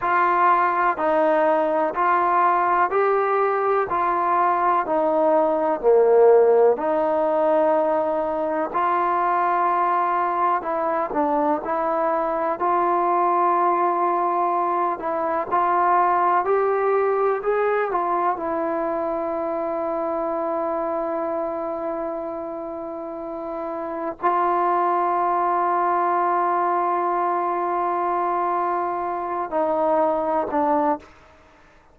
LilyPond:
\new Staff \with { instrumentName = "trombone" } { \time 4/4 \tempo 4 = 62 f'4 dis'4 f'4 g'4 | f'4 dis'4 ais4 dis'4~ | dis'4 f'2 e'8 d'8 | e'4 f'2~ f'8 e'8 |
f'4 g'4 gis'8 f'8 e'4~ | e'1~ | e'4 f'2.~ | f'2~ f'8 dis'4 d'8 | }